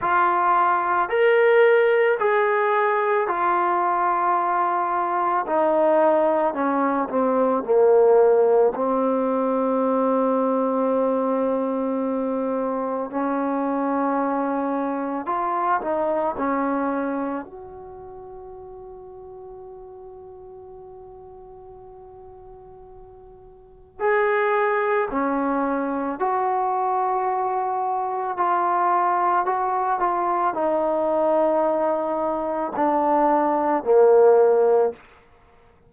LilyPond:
\new Staff \with { instrumentName = "trombone" } { \time 4/4 \tempo 4 = 55 f'4 ais'4 gis'4 f'4~ | f'4 dis'4 cis'8 c'8 ais4 | c'1 | cis'2 f'8 dis'8 cis'4 |
fis'1~ | fis'2 gis'4 cis'4 | fis'2 f'4 fis'8 f'8 | dis'2 d'4 ais4 | }